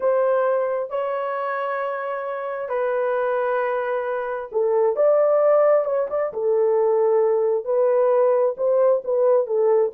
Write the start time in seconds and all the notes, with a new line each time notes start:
0.00 C5
0.89 C#5
2.68 B4
4.52 A4
4.96 D5
5.85 C#5
6.10 D5
6.33 A4
7.64 B4
8.57 C5
9.04 B4
9.46 A4